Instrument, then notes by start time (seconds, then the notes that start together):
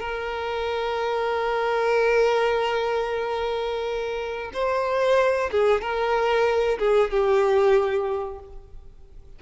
violin
0.00 A#4
4.54 C5
5.51 G#4
5.82 A#4
6.79 G#4
7.11 G4